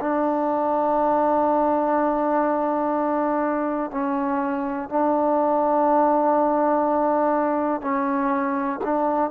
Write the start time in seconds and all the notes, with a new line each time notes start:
0.00 D4
3.91 C#4
4.89 D4
7.81 C#4
8.84 D4